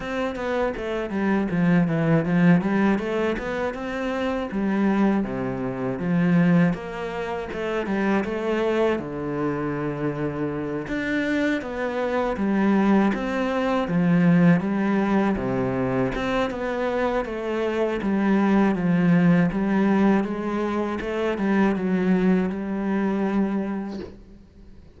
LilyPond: \new Staff \with { instrumentName = "cello" } { \time 4/4 \tempo 4 = 80 c'8 b8 a8 g8 f8 e8 f8 g8 | a8 b8 c'4 g4 c4 | f4 ais4 a8 g8 a4 | d2~ d8 d'4 b8~ |
b8 g4 c'4 f4 g8~ | g8 c4 c'8 b4 a4 | g4 f4 g4 gis4 | a8 g8 fis4 g2 | }